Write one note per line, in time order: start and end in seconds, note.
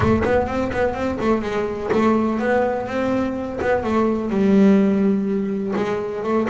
0.00 0.22 A3
0.24 0.47 B3
0.47 0.71 C4
0.72 0.94 B3
0.94 1.18 C4
1.20 1.42 A3
1.42 1.90 G#3
1.92 2.39 A3
2.39 2.87 B3
2.87 3.59 C4
3.61 3.83 B3
3.83 4.30 A3
4.30 5.74 G3
5.76 6.23 G#3
6.23 6.47 A3